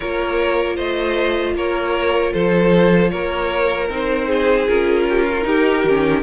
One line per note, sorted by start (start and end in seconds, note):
0.00 0.77 A#3
0.00 3.89 F4
0.00 0.76 A#4
0.00 0.76 C#5
0.76 1.54 A3
0.76 1.54 C5
0.76 1.54 D#5
1.54 2.32 A#3
1.54 2.33 A#4
1.54 2.33 C#5
2.33 3.12 F3
2.33 3.11 A4
2.33 3.09 C5
3.09 3.89 A#3
3.09 4.27 A#4
3.09 3.87 C#5
3.89 4.67 C4
3.89 4.67 D#4
3.89 4.68 C5
4.27 5.05 G#4
4.68 5.45 C#4
4.68 5.42 F4
4.68 6.23 A#4
5.09 5.24 G4
5.24 5.43 F4
5.42 5.81 D#4
5.42 5.84 D#4
5.42 6.23 G4
5.84 6.23 D#3
5.84 6.23 C#4